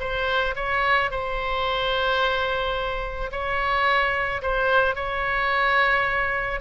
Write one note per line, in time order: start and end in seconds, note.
0.00 0.55 C5
0.56 1.11 C#5
1.11 3.31 C5
3.32 4.42 C#5
4.42 4.95 C5
4.95 6.60 C#5